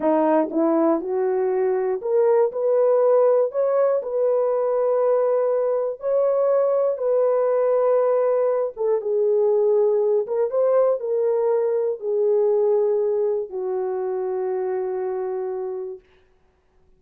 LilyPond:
\new Staff \with { instrumentName = "horn" } { \time 4/4 \tempo 4 = 120 dis'4 e'4 fis'2 | ais'4 b'2 cis''4 | b'1 | cis''2 b'2~ |
b'4. a'8 gis'2~ | gis'8 ais'8 c''4 ais'2 | gis'2. fis'4~ | fis'1 | }